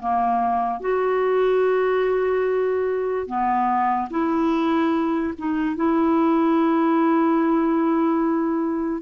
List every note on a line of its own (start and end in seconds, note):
0.00 0.80 A#3
0.80 3.27 F#4
3.27 4.09 B3
4.10 5.33 E4
5.38 5.76 D#4
5.76 9.02 E4